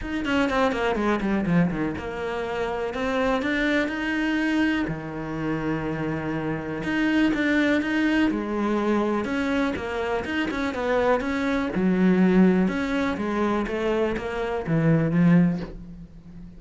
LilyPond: \new Staff \with { instrumentName = "cello" } { \time 4/4 \tempo 4 = 123 dis'8 cis'8 c'8 ais8 gis8 g8 f8 dis8 | ais2 c'4 d'4 | dis'2 dis2~ | dis2 dis'4 d'4 |
dis'4 gis2 cis'4 | ais4 dis'8 cis'8 b4 cis'4 | fis2 cis'4 gis4 | a4 ais4 e4 f4 | }